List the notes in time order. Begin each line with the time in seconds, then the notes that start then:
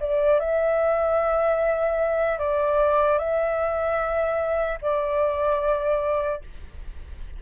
0.00 D5
0.39 E5
2.39 D5
3.18 E5
4.82 D5